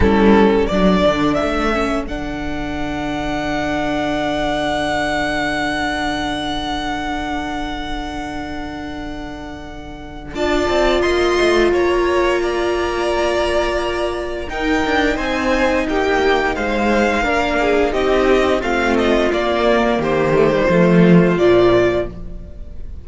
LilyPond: <<
  \new Staff \with { instrumentName = "violin" } { \time 4/4 \tempo 4 = 87 a'4 d''4 e''4 fis''4~ | fis''1~ | fis''1~ | fis''2. a''4 |
c'''4 ais''2.~ | ais''4 g''4 gis''4 g''4 | f''2 dis''4 f''8 dis''8 | d''4 c''2 d''4 | }
  \new Staff \with { instrumentName = "violin" } { \time 4/4 e'4 a'2.~ | a'1~ | a'1~ | a'2. d''4 |
dis''4 cis''4 d''2~ | d''4 ais'4 c''4 g'4 | c''4 ais'8 gis'8 g'4 f'4~ | f'4 g'4 f'2 | }
  \new Staff \with { instrumentName = "viola" } { \time 4/4 cis'4 d'4. cis'8 d'4~ | d'1~ | d'1~ | d'2. f'4~ |
f'1~ | f'4 dis'2.~ | dis'4 d'4 dis'4 c'4 | ais4. a16 g16 a4 f4 | }
  \new Staff \with { instrumentName = "cello" } { \time 4/4 g4 fis8 d8 a4 d4~ | d1~ | d1~ | d2. d'8 c'8 |
ais8 a8 ais2.~ | ais4 dis'8 d'8 c'4 ais4 | gis4 ais4 c'4 a4 | ais4 dis4 f4 ais,4 | }
>>